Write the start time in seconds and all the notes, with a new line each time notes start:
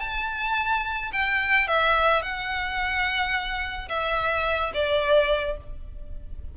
0.00 A5
1.12 G5
1.67 E5
2.22 F#5
3.89 E5
4.74 D5